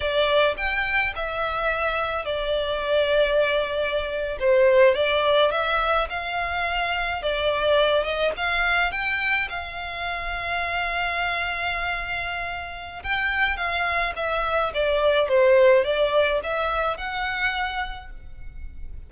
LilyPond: \new Staff \with { instrumentName = "violin" } { \time 4/4 \tempo 4 = 106 d''4 g''4 e''2 | d''2.~ d''8. c''16~ | c''8. d''4 e''4 f''4~ f''16~ | f''8. d''4. dis''8 f''4 g''16~ |
g''8. f''2.~ f''16~ | f''2. g''4 | f''4 e''4 d''4 c''4 | d''4 e''4 fis''2 | }